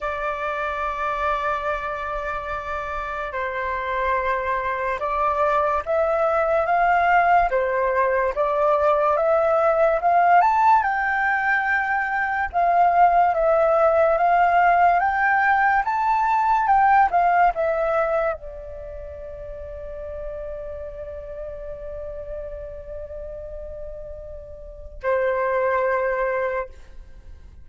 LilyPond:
\new Staff \with { instrumentName = "flute" } { \time 4/4 \tempo 4 = 72 d''1 | c''2 d''4 e''4 | f''4 c''4 d''4 e''4 | f''8 a''8 g''2 f''4 |
e''4 f''4 g''4 a''4 | g''8 f''8 e''4 d''2~ | d''1~ | d''2 c''2 | }